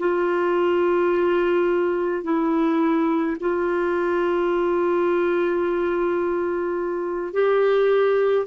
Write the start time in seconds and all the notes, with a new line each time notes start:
0.00 F4
2.24 E4
3.40 F4
7.33 G4